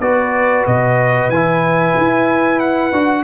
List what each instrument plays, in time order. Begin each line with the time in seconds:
0.00 tuba B3, trombone F#4, horn B4, trumpet D5
0.66 tuba B2, trumpet D#5
1.29 tuba E3, trombone E4, trumpet G#5
1.98 tuba E4
2.59 trumpet F#5
2.92 tuba D4, trombone F#4